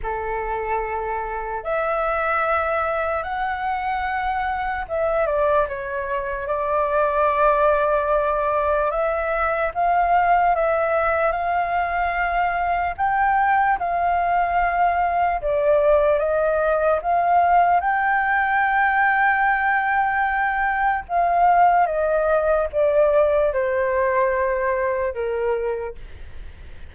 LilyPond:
\new Staff \with { instrumentName = "flute" } { \time 4/4 \tempo 4 = 74 a'2 e''2 | fis''2 e''8 d''8 cis''4 | d''2. e''4 | f''4 e''4 f''2 |
g''4 f''2 d''4 | dis''4 f''4 g''2~ | g''2 f''4 dis''4 | d''4 c''2 ais'4 | }